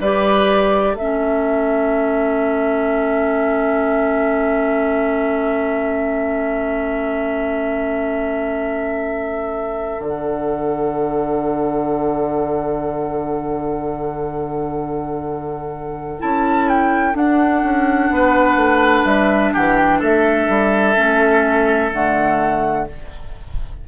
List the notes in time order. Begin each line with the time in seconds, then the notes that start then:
0.00 G3 G4 B4 D5
0.93 A3 A4 E5
1.00 C#4
10.00 D3 D4 F#5
16.19 C#4 E4 A5
16.68 G5
17.13 D4 F#5
17.63 C#4
18.10 B3 B4
18.56 A3
19.04 G3 E5
19.53 E3 G4 F#5
19.77 G5
19.99 A3 A4 E5
20.48 G3
20.96 A3 C#4
21.92 D3 A3 F#5